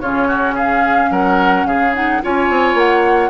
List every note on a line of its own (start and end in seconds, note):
0.00 1.09 C#3
0.00 1.93 C#4
0.00 0.27 F4
0.00 0.55 C#5
0.27 0.54 F#4
0.54 1.09 G#4
0.54 1.11 F5
1.09 1.64 F#3
1.09 1.66 A#4
1.09 1.66 F#5
1.64 2.19 C#3
1.64 2.22 G#4
1.64 1.94 F5
1.93 2.21 D#4
1.93 2.22 F#5
2.22 2.49 C#4
2.22 3.30 F4
2.22 3.30 C#5
2.22 2.78 G#5
2.49 2.74 C4
2.74 3.29 A#3
2.74 3.30 F#5